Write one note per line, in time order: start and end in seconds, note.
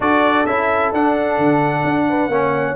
0.00 0.46 D4
0.00 0.47 F#4
0.00 2.06 A4
0.00 0.45 D5
0.45 0.92 C#4
0.45 0.94 E4
0.45 0.92 E5
0.92 1.37 D4
0.92 2.31 D4
0.92 2.75 F#5
1.37 1.83 D3
1.83 2.28 D4
2.09 2.31 B4
2.28 2.74 A#3
2.28 2.75 C#4
2.28 2.75 C#5